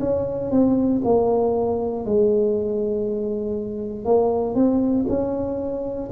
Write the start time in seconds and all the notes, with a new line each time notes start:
0.00 C#4
0.51 C4
1.04 A#3
2.05 G#3
4.05 A#3
4.55 C4
5.08 C#4